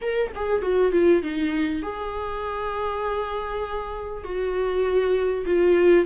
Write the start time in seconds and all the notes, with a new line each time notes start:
0.01 A#4
0.35 G#4
0.62 F#4
0.91 F4
1.22 D#4
1.82 G#4
4.24 F#4
5.45 F4